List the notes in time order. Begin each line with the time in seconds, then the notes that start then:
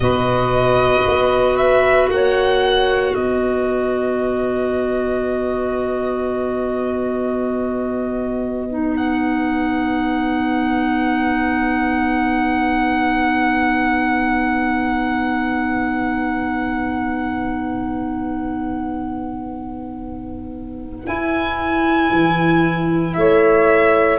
0.00 B2 F#4 B4 D#5
1.06 B3
1.56 E5
2.09 A#3 C#5 F#5
3.14 B3 B4 D#5
8.69 D#4
8.96 F#5
21.05 E4 G#5
22.11 E3
23.13 A3 C#5 E5